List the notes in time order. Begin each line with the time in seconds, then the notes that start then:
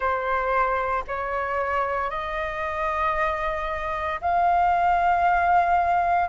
0.00 C5
1.07 C#5
2.10 D#5
4.21 F5